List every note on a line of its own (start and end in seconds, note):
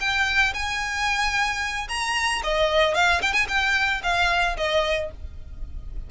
0.00 0.54 G5
0.54 1.88 G#5
1.88 2.42 A#5
2.43 2.95 D#5
2.95 3.21 F5
3.22 3.33 G5
3.33 3.47 G#5
3.48 4.02 G5
4.03 4.57 F5
4.57 5.11 D#5